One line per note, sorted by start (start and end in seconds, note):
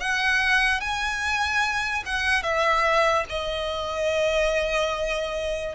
0.00 0.81 F#5
0.81 2.04 G#5
2.06 2.43 F#5
2.43 3.25 E5
3.30 5.75 D#5